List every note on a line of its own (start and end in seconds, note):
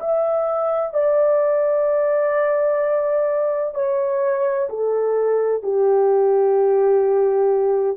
0.00 0.94 E5
0.94 3.75 D5
3.75 4.68 C#5
4.69 5.63 A4
5.63 7.97 G4